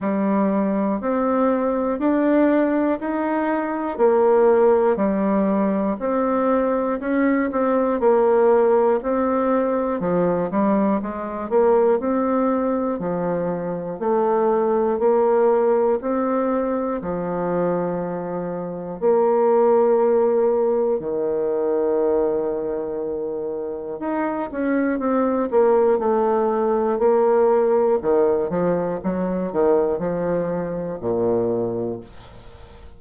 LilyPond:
\new Staff \with { instrumentName = "bassoon" } { \time 4/4 \tempo 4 = 60 g4 c'4 d'4 dis'4 | ais4 g4 c'4 cis'8 c'8 | ais4 c'4 f8 g8 gis8 ais8 | c'4 f4 a4 ais4 |
c'4 f2 ais4~ | ais4 dis2. | dis'8 cis'8 c'8 ais8 a4 ais4 | dis8 f8 fis8 dis8 f4 ais,4 | }